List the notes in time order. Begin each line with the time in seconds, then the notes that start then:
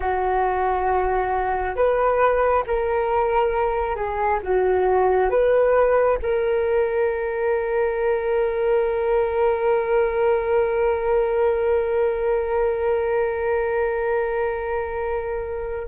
0.00 F#4
1.75 B4
2.66 A#4
3.95 G#4
4.42 F#4
5.30 B4
6.22 A#4